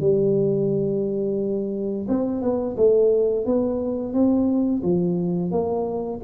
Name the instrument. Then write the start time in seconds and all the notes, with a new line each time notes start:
tuba
0.00 G3
2.08 C4
2.41 B3
2.77 A3
3.46 B3
4.13 C4
4.82 F3
5.51 A#3